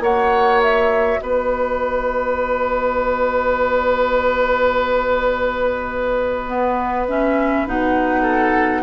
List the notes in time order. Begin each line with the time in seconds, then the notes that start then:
0.00 A#3 F#4 C#5 F#5
0.62 E5
1.20 B3 B4 D#5
6.47 B3
7.08 C#4 E5
7.67 B2 D#4 F#5
8.22 A4